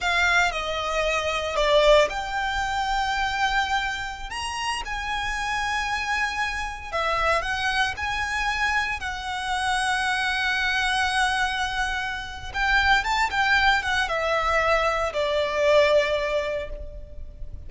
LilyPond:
\new Staff \with { instrumentName = "violin" } { \time 4/4 \tempo 4 = 115 f''4 dis''2 d''4 | g''1~ | g''16 ais''4 gis''2~ gis''8.~ | gis''4~ gis''16 e''4 fis''4 gis''8.~ |
gis''4~ gis''16 fis''2~ fis''8.~ | fis''1 | g''4 a''8 g''4 fis''8 e''4~ | e''4 d''2. | }